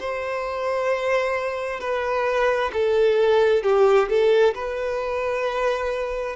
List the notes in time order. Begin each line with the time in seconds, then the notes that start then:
0.00 C5
1.81 B4
2.73 A4
3.63 G4
4.09 A4
4.55 B4